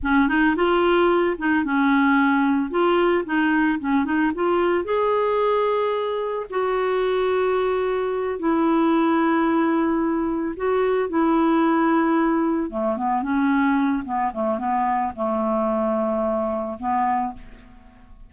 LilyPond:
\new Staff \with { instrumentName = "clarinet" } { \time 4/4 \tempo 4 = 111 cis'8 dis'8 f'4. dis'8 cis'4~ | cis'4 f'4 dis'4 cis'8 dis'8 | f'4 gis'2. | fis'2.~ fis'8 e'8~ |
e'2.~ e'8 fis'8~ | fis'8 e'2. a8 | b8 cis'4. b8 a8 b4 | a2. b4 | }